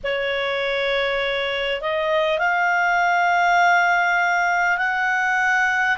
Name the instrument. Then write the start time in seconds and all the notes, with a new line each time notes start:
clarinet
0.03 C#5
1.81 D#5
2.38 F5
4.77 F#5